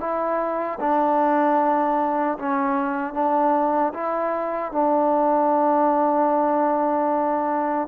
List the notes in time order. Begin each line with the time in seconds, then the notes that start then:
0.00 E4
0.80 D4
2.39 C#4
3.14 D4
3.93 E4
4.72 D4